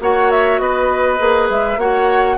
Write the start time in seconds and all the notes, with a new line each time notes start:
0.00 A#3 F#4 C#5 F#5
0.31 E5
0.59 B3 B4 D#5
1.18 A#3 G#4
1.50 G#3 E5
1.76 A#3 F#4 C#5 F#5